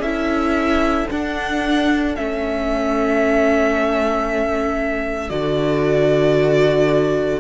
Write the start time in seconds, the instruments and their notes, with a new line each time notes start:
0.00 cello C#4, viola E4, violin A4 E5
1.11 viola D4, cello D4, violin F#5
2.16 cello A3, viola C#4, violin E5
5.29 cello D3, viola F#4, violin D5